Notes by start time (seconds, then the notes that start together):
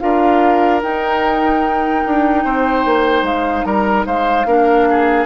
0.00 D4 F4 A#4 F5
0.83 D#4 G5
2.06 D4
2.45 C4 C5
2.85 A#3
3.22 G#3 F5
3.65 G3 A#4 A#5
4.06 G#3 C5 F5
4.46 A#3 D4 A#4
4.91 G#4